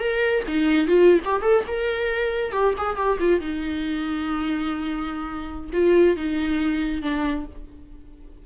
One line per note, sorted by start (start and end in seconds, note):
0.00 0.44 A#4
0.48 0.88 D#4
0.88 1.20 F4
1.25 1.43 G4
1.43 1.64 A4
1.68 2.53 A#4
2.53 2.75 G4
2.78 2.97 G#4
2.97 3.19 G4
3.20 3.41 F4
3.41 5.71 D#4
5.73 6.17 F4
6.17 7.02 D#4
7.02 7.46 D4